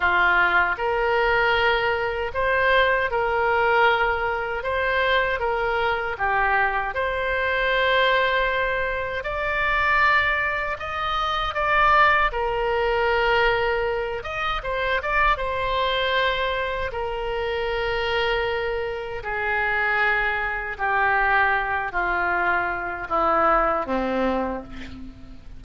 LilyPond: \new Staff \with { instrumentName = "oboe" } { \time 4/4 \tempo 4 = 78 f'4 ais'2 c''4 | ais'2 c''4 ais'4 | g'4 c''2. | d''2 dis''4 d''4 |
ais'2~ ais'8 dis''8 c''8 d''8 | c''2 ais'2~ | ais'4 gis'2 g'4~ | g'8 f'4. e'4 c'4 | }